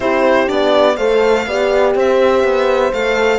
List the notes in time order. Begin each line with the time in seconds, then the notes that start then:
0.00 C4 E4 G4 C5
0.47 B3 D4 D5
0.96 A3 A4 C5 F5
1.46 B3 G4 D5
1.95 C4 C5 E5
2.43 B3
2.92 A3 A4 F5